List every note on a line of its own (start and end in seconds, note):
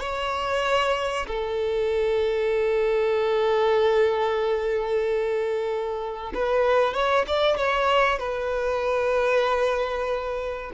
0.00 1.26 C#5
1.27 6.32 A4
6.34 6.94 B4
6.94 7.25 C#5
7.27 7.56 D5
7.56 8.19 C#5
8.19 10.71 B4